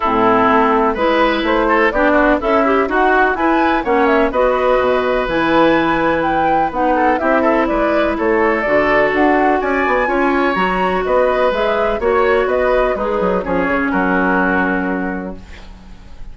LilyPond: <<
  \new Staff \with { instrumentName = "flute" } { \time 4/4 \tempo 4 = 125 a'2 b'4 c''4 | d''4 e''4 fis''4 gis''4 | fis''8 e''8 dis''2 gis''4~ | gis''4 g''4 fis''4 e''4 |
d''4 cis''4 d''4 fis''4 | gis''2 ais''4 dis''4 | e''4 cis''4 dis''4 b'4 | cis''4 ais'2. | }
  \new Staff \with { instrumentName = "oboe" } { \time 4/4 e'2 b'4. a'8 | g'8 fis'8 e'4 fis'4 b'4 | cis''4 b'2.~ | b'2~ b'8 a'8 g'8 a'8 |
b'4 a'2. | d''4 cis''2 b'4~ | b'4 cis''4 b'4 dis'4 | gis'4 fis'2. | }
  \new Staff \with { instrumentName = "clarinet" } { \time 4/4 c'2 e'2 | d'4 a'8 g'8 fis'4 e'4 | cis'4 fis'2 e'4~ | e'2 dis'4 e'4~ |
e'2 fis'2~ | fis'4 f'4 fis'2 | gis'4 fis'2 gis'4 | cis'1 | }
  \new Staff \with { instrumentName = "bassoon" } { \time 4/4 a,4 a4 gis4 a4 | b4 cis'4 dis'4 e'4 | ais4 b4 b,4 e4~ | e2 b4 c'4 |
gis4 a4 d4 d'4 | cis'8 b8 cis'4 fis4 b4 | gis4 ais4 b4 gis8 fis8 | f8 cis8 fis2. | }
>>